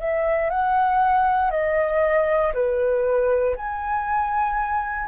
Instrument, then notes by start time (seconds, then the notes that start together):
flute
0.00 E5
0.49 F#5
1.51 D#5
2.54 B4
3.56 G#5